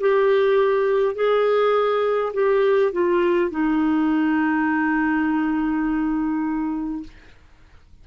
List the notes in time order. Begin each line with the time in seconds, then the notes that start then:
0.00 G4
1.14 G#4
2.33 G4
2.92 F4
3.50 D#4